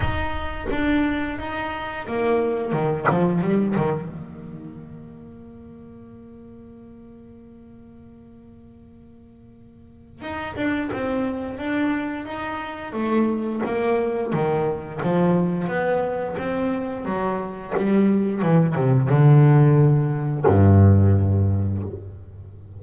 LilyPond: \new Staff \with { instrumentName = "double bass" } { \time 4/4 \tempo 4 = 88 dis'4 d'4 dis'4 ais4 | dis8 f8 g8 dis8 ais2~ | ais1~ | ais2. dis'8 d'8 |
c'4 d'4 dis'4 a4 | ais4 dis4 f4 b4 | c'4 fis4 g4 e8 c8 | d2 g,2 | }